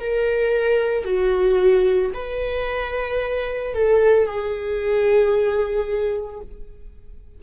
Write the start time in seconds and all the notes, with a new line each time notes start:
0.00 A#4
1.05 F#4
2.13 B4
3.74 A4
4.26 G#4